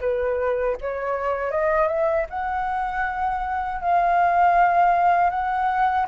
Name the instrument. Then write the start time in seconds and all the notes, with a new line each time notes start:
flute
0.00 B4
0.80 C#5
1.51 D#5
1.87 E5
2.30 F#5
3.81 F5
5.30 F#5